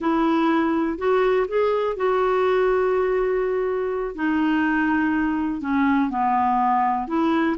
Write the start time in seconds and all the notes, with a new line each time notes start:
0.00 E4
0.98 F#4
1.48 G#4
1.96 F#4
4.15 D#4
5.61 C#4
6.10 B3
7.07 E4